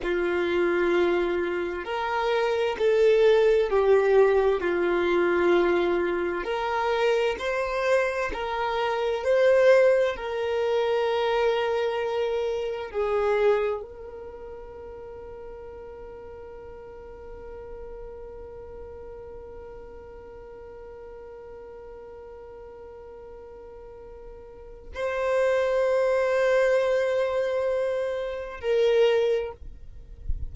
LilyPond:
\new Staff \with { instrumentName = "violin" } { \time 4/4 \tempo 4 = 65 f'2 ais'4 a'4 | g'4 f'2 ais'4 | c''4 ais'4 c''4 ais'4~ | ais'2 gis'4 ais'4~ |
ais'1~ | ais'1~ | ais'2. c''4~ | c''2. ais'4 | }